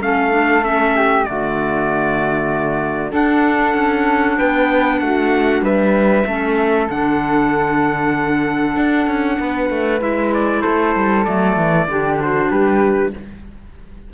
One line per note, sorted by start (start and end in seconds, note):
0.00 1.25 A3
0.00 0.30 C#4
0.00 0.95 A4
0.00 0.64 F5
0.30 0.61 D4
0.62 1.25 C#4
0.62 1.24 E5
0.95 1.27 G4
1.24 3.12 D3
1.24 3.11 A3
1.24 3.11 F#4
1.24 3.12 D5
3.11 6.23 D4
3.11 3.74 D4
3.11 4.36 A4
3.11 4.38 F#5
3.74 4.37 C#4
4.37 5.01 B3
4.37 5.00 B4
4.37 4.99 G5
4.99 5.61 A3
4.99 5.63 F#4
4.99 5.62 F#5
5.61 6.24 G3
5.61 6.26 B4
5.61 6.89 E5
6.26 6.88 A3
6.26 6.89 C#4
6.26 9.39 A4
6.89 8.76 D3
6.89 9.99 D4
6.89 10.02 F#5
8.76 9.06 D4
9.06 9.38 C#4
9.39 9.70 B3
9.39 10.61 B4
9.70 10.01 A3
9.99 10.63 G#3
9.99 11.24 E4
9.99 10.33 E5
10.33 10.61 D5
10.61 10.95 A3
10.61 11.86 A4
10.61 11.24 C5
10.95 11.26 G3
11.24 11.56 F#3
11.24 11.87 A3
11.24 12.18 D5
11.56 11.87 E3
11.87 12.49 D3
11.87 13.13 D4
11.87 12.21 G4
12.20 12.51 F#4
12.20 12.51 C5
12.50 13.13 G3
12.50 13.13 G4
12.50 13.13 B4